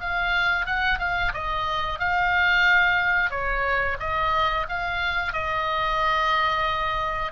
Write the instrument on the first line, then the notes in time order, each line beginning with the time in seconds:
oboe
0.00 F5
0.66 F#5
0.98 F5
1.33 D#5
1.98 F5
3.30 C#5
3.99 D#5
4.68 F5
5.32 D#5